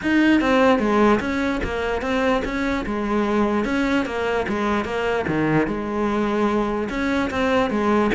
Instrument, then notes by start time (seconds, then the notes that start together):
cello
0.02 D#4
0.40 C4
0.79 G#3
1.20 C#4
1.63 A#3
2.01 C4
2.44 C#4
2.85 G#3
3.64 C#4
4.05 A#3
4.48 G#3
4.84 A#3
5.27 D#3
5.67 G#3
6.89 C#4
7.30 C4
7.70 G#3